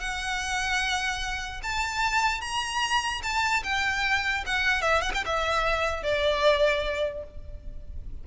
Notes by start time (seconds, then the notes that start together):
0.00 F#5
1.63 A5
2.41 A#5
3.23 A5
3.64 G5
4.46 F#5
4.82 E5
5.01 F#5
5.14 G5
5.25 E5
6.03 D5